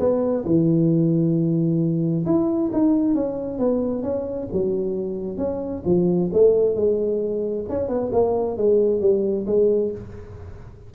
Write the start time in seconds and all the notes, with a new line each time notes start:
0.00 B3
0.45 E3
2.26 E4
2.73 D#4
3.15 C#4
3.59 B3
4.03 C#4
4.53 F#3
5.38 C#4
5.86 F3
6.33 A3
6.76 G#3
7.70 C#4
7.89 B3
8.13 A#3
8.58 G#3
9.01 G3
9.47 G#3